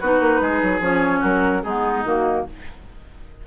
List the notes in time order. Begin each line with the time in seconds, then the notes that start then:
0.00 B3 D#4 F#4 B4
0.20 A#3
0.41 G#3 G#4
0.62 F#3
0.80 F3 C#4 C#5
1.20 F#3 F#4 A#4
1.63 G#3 B3 D#4 G#4
2.05 D#3 A#3 F#4